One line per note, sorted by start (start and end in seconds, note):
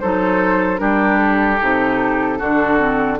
0.00 0.80 F#3
0.00 0.77 D#4
0.00 0.80 A4
0.00 0.78 C5
0.77 1.60 G3
0.77 1.57 D4
0.77 2.39 G4
0.77 1.18 A#4
1.18 3.18 A4
1.61 2.41 C3
1.61 2.39 D#4
2.39 3.20 D3
2.39 2.78 D4
2.39 3.19 F#4
2.78 3.18 C4